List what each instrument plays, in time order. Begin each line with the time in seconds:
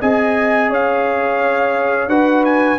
0.00 tuba C4, trombone G#4, horn D#5, trumpet G#5
0.69 tuba C#4, horn C#5, trumpet F5
2.07 tuba D4, trombone F#4, horn B4, trumpet F#5
2.44 trumpet G#5